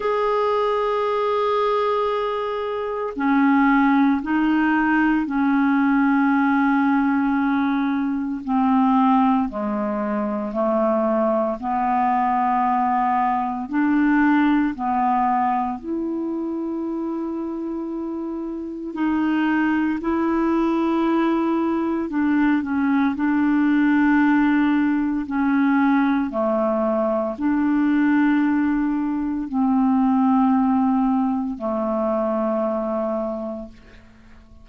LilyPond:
\new Staff \with { instrumentName = "clarinet" } { \time 4/4 \tempo 4 = 57 gis'2. cis'4 | dis'4 cis'2. | c'4 gis4 a4 b4~ | b4 d'4 b4 e'4~ |
e'2 dis'4 e'4~ | e'4 d'8 cis'8 d'2 | cis'4 a4 d'2 | c'2 a2 | }